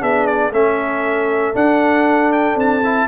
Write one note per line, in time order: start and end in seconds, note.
0.00 0.51 B3
0.00 0.51 D4
0.00 0.51 G#4
0.00 0.26 E5
0.26 0.52 D5
0.51 1.53 A3
0.51 1.54 C#4
0.51 3.08 A4
0.51 1.55 E5
1.54 2.82 D4
1.54 2.55 D4
1.54 2.32 F#5
2.32 2.57 G5
2.55 3.06 C4
2.55 3.08 A5
2.84 3.08 E4